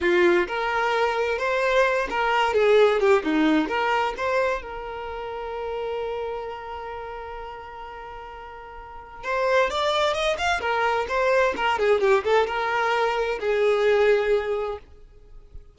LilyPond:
\new Staff \with { instrumentName = "violin" } { \time 4/4 \tempo 4 = 130 f'4 ais'2 c''4~ | c''8 ais'4 gis'4 g'8 dis'4 | ais'4 c''4 ais'2~ | ais'1~ |
ais'1 | c''4 d''4 dis''8 f''8 ais'4 | c''4 ais'8 gis'8 g'8 a'8 ais'4~ | ais'4 gis'2. | }